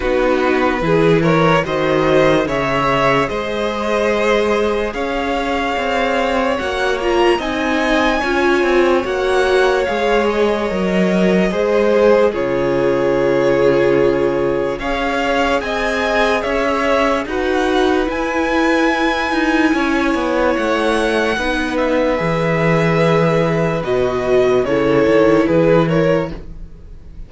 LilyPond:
<<
  \new Staff \with { instrumentName = "violin" } { \time 4/4 \tempo 4 = 73 b'4. cis''8 dis''4 e''4 | dis''2 f''2 | fis''8 ais''8 gis''2 fis''4 | f''8 dis''2~ dis''8 cis''4~ |
cis''2 f''4 gis''4 | e''4 fis''4 gis''2~ | gis''4 fis''4. e''4.~ | e''4 dis''4 cis''4 b'8 cis''8 | }
  \new Staff \with { instrumentName = "violin" } { \time 4/4 fis'4 gis'8 ais'8 c''4 cis''4 | c''2 cis''2~ | cis''4 dis''4 cis''2~ | cis''2 c''4 gis'4~ |
gis'2 cis''4 dis''4 | cis''4 b'2. | cis''2 b'2~ | b'2 a'4 gis'8 ais'8 | }
  \new Staff \with { instrumentName = "viola" } { \time 4/4 dis'4 e'4 fis'4 gis'4~ | gis'1 | fis'8 f'8 dis'4 f'4 fis'4 | gis'4 ais'4 gis'4 f'4~ |
f'2 gis'2~ | gis'4 fis'4 e'2~ | e'2 dis'4 gis'4~ | gis'4 fis'4 e'2 | }
  \new Staff \with { instrumentName = "cello" } { \time 4/4 b4 e4 dis4 cis4 | gis2 cis'4 c'4 | ais4 c'4 cis'8 c'8 ais4 | gis4 fis4 gis4 cis4~ |
cis2 cis'4 c'4 | cis'4 dis'4 e'4. dis'8 | cis'8 b8 a4 b4 e4~ | e4 b,4 cis8 dis8 e4 | }
>>